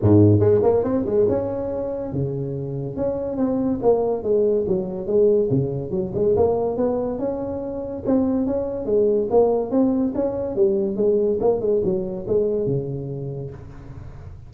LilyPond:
\new Staff \with { instrumentName = "tuba" } { \time 4/4 \tempo 4 = 142 gis,4 gis8 ais8 c'8 gis8 cis'4~ | cis'4 cis2 cis'4 | c'4 ais4 gis4 fis4 | gis4 cis4 fis8 gis8 ais4 |
b4 cis'2 c'4 | cis'4 gis4 ais4 c'4 | cis'4 g4 gis4 ais8 gis8 | fis4 gis4 cis2 | }